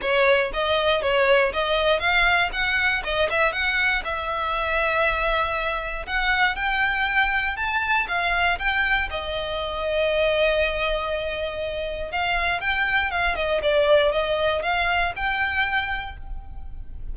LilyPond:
\new Staff \with { instrumentName = "violin" } { \time 4/4 \tempo 4 = 119 cis''4 dis''4 cis''4 dis''4 | f''4 fis''4 dis''8 e''8 fis''4 | e''1 | fis''4 g''2 a''4 |
f''4 g''4 dis''2~ | dis''1 | f''4 g''4 f''8 dis''8 d''4 | dis''4 f''4 g''2 | }